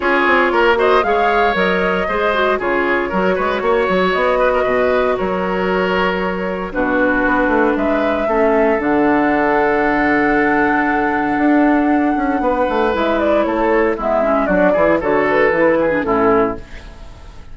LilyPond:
<<
  \new Staff \with { instrumentName = "flute" } { \time 4/4 \tempo 4 = 116 cis''4. dis''8 f''4 dis''4~ | dis''4 cis''2. | dis''2 cis''2~ | cis''4 b'2 e''4~ |
e''4 fis''2.~ | fis''1~ | fis''4 e''8 d''8 cis''4 e''4 | d''4 cis''8 b'4. a'4 | }
  \new Staff \with { instrumentName = "oboe" } { \time 4/4 gis'4 ais'8 c''8 cis''2 | c''4 gis'4 ais'8 b'8 cis''4~ | cis''8 b'16 ais'16 b'4 ais'2~ | ais'4 fis'2 b'4 |
a'1~ | a'1 | b'2 a'4 e'4 | fis'8 gis'8 a'4. gis'8 e'4 | }
  \new Staff \with { instrumentName = "clarinet" } { \time 4/4 f'4. fis'8 gis'4 ais'4 | gis'8 fis'8 f'4 fis'2~ | fis'1~ | fis'4 d'2. |
cis'4 d'2.~ | d'1~ | d'4 e'2 b8 cis'8 | d'8 e'8 fis'4 e'8. d'16 cis'4 | }
  \new Staff \with { instrumentName = "bassoon" } { \time 4/4 cis'8 c'8 ais4 gis4 fis4 | gis4 cis4 fis8 gis8 ais8 fis8 | b4 b,4 fis2~ | fis4 b,4 b8 a8 gis4 |
a4 d2.~ | d2 d'4. cis'8 | b8 a8 gis4 a4 gis4 | fis8 e8 d4 e4 a,4 | }
>>